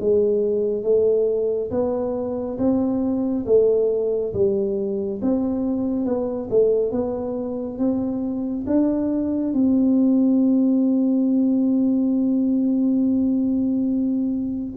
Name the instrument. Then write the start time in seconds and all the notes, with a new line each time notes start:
tuba
0.00 G#3
0.83 A3
1.71 B3
2.58 C4
3.46 A3
4.34 G3
5.22 C4
6.06 B3
6.50 A3
6.92 B3
7.78 C4
8.67 D4
9.53 C4